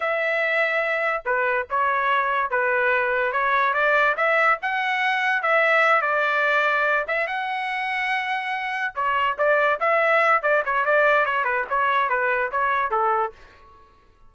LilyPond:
\new Staff \with { instrumentName = "trumpet" } { \time 4/4 \tempo 4 = 144 e''2. b'4 | cis''2 b'2 | cis''4 d''4 e''4 fis''4~ | fis''4 e''4. d''4.~ |
d''4 e''8 fis''2~ fis''8~ | fis''4. cis''4 d''4 e''8~ | e''4 d''8 cis''8 d''4 cis''8 b'8 | cis''4 b'4 cis''4 a'4 | }